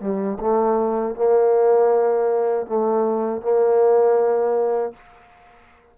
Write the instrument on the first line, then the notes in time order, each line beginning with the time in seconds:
trombone
0.00 G3
0.40 A3
1.15 A#3
2.66 A3
3.41 A#3